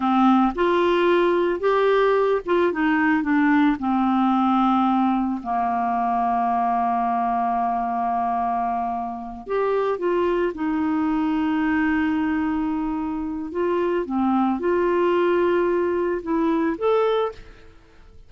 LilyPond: \new Staff \with { instrumentName = "clarinet" } { \time 4/4 \tempo 4 = 111 c'4 f'2 g'4~ | g'8 f'8 dis'4 d'4 c'4~ | c'2 ais2~ | ais1~ |
ais4. g'4 f'4 dis'8~ | dis'1~ | dis'4 f'4 c'4 f'4~ | f'2 e'4 a'4 | }